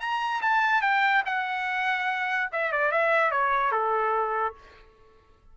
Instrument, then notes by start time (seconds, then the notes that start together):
trumpet
0.00 A#5
0.42 A5
0.82 G5
1.26 F#5
2.52 E5
2.72 D5
2.92 E5
3.31 C#5
3.72 A4